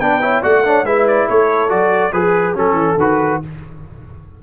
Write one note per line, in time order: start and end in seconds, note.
0.00 0.43 B3
0.00 0.21 D4
0.00 0.22 B4
0.00 0.43 G5
0.21 0.43 E4
0.21 0.42 C#5
0.42 0.83 A3
0.42 0.64 F#4
0.42 0.64 D5
0.42 0.85 F#5
0.64 0.85 D4
0.64 0.86 C#5
0.83 1.26 G#3
0.83 1.69 E4
0.83 1.28 B4
0.83 1.07 E5
1.08 1.29 D5
1.28 1.71 A3
1.28 2.13 A4
1.28 1.70 C#5
1.69 2.12 F#3
1.69 2.11 F#4
1.69 2.13 D5
2.12 2.55 F3
2.12 2.55 G#4
2.12 2.58 G#4
2.12 2.55 B4
2.55 2.73 F#3
2.55 2.97 C#4
2.55 3.43 A4
2.55 3.00 A4
2.73 2.95 E3
2.97 3.40 D#3
2.97 3.42 F#4
2.97 3.42 B4